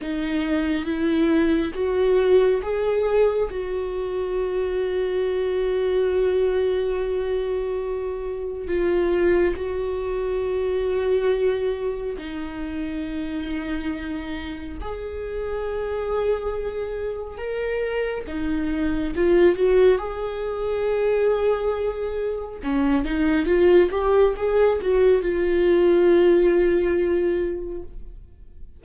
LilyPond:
\new Staff \with { instrumentName = "viola" } { \time 4/4 \tempo 4 = 69 dis'4 e'4 fis'4 gis'4 | fis'1~ | fis'2 f'4 fis'4~ | fis'2 dis'2~ |
dis'4 gis'2. | ais'4 dis'4 f'8 fis'8 gis'4~ | gis'2 cis'8 dis'8 f'8 g'8 | gis'8 fis'8 f'2. | }